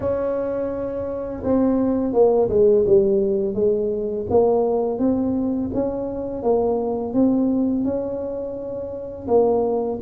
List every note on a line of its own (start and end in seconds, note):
0.00 1.42 C#4
1.43 2.13 C4
2.13 2.48 A#3
2.49 2.85 G#3
2.86 3.54 G3
3.54 4.26 G#3
4.30 4.98 A#3
4.98 5.70 C4
5.74 6.43 C#4
6.43 7.13 A#3
7.13 7.84 C4
7.84 9.27 C#4
9.27 9.99 A#3